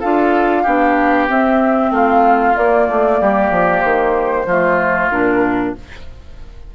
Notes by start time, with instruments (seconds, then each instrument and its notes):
0.00 bassoon D4, clarinet F4, oboe A4, flute F5
0.63 bassoon B3, clarinet D4, oboe G4
1.29 clarinet C4, bassoon C4, flute E5
1.91 bassoon A3, oboe F4, flute F5
2.55 clarinet A#3, bassoon A#3, flute D5
2.89 bassoon A3
3.21 bassoon G3, oboe G4
3.51 bassoon F3
3.81 bassoon D#3, flute C5
4.46 bassoon F3, clarinet A3, oboe F4
5.11 bassoon A#2, clarinet D4, flute A#4